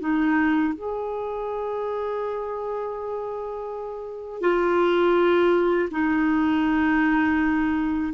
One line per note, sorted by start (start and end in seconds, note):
0.00 0.74 D#4
0.74 4.41 G#4
4.41 5.89 F4
5.91 8.13 D#4